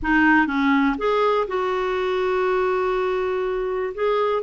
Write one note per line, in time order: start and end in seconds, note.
0.02 0.46 D#4
0.46 0.96 C#4
0.98 1.47 G#4
1.47 3.93 F#4
3.94 4.42 G#4